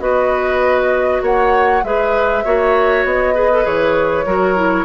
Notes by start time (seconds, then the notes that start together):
0.00 B3 F#4 B4 D#5
1.22 A#3 C#5 F#5
1.83 G#3 G#4 B4 E5
2.45 A#3 F#4 C#5
3.05 B3 D#5
3.34 G#4 B4
3.52 A4
3.63 E3 G#4 C#5
4.26 F#3 F#4 A#4
4.56 E4